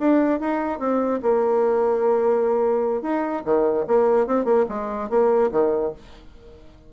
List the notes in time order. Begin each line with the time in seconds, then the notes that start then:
0.00 D4
0.40 D#4
0.80 C4
1.23 A#3
3.02 D#4
3.45 D#3
3.87 A#3
4.27 C4
4.45 A#3
4.69 G#3
5.10 A#3
5.52 D#3